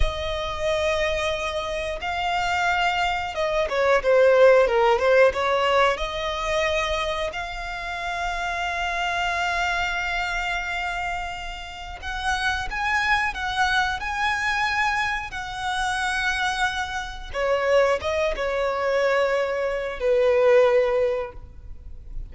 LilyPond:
\new Staff \with { instrumentName = "violin" } { \time 4/4 \tempo 4 = 90 dis''2. f''4~ | f''4 dis''8 cis''8 c''4 ais'8 c''8 | cis''4 dis''2 f''4~ | f''1~ |
f''2 fis''4 gis''4 | fis''4 gis''2 fis''4~ | fis''2 cis''4 dis''8 cis''8~ | cis''2 b'2 | }